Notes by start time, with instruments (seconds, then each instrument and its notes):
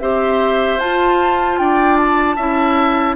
0.00 bassoon C4, clarinet G4, oboe C5, flute E5
0.78 bassoon F4, clarinet F4, flute A5
1.58 bassoon D4, oboe D5, flute G5
1.97 flute A5
2.36 bassoon C#4, clarinet E4, oboe E5